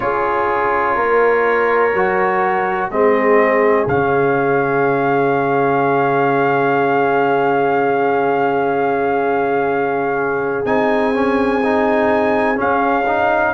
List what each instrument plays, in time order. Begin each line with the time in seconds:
0.00 tuba C#4, trombone F4, horn G#4, trumpet C#5
0.95 tuba A#3, horn A#4
1.93 tuba F#3, trombone F#4
2.90 tuba G#3, trombone C4, horn G#4, trumpet D#5
3.87 tuba C#3, trombone C#4, trumpet F5
10.65 tuba C4, trombone D#4, trumpet G#5
11.14 trombone C#4
11.63 trombone D#4
12.55 trombone C#4, tuba C#4, trumpet F5
13.06 trombone D#4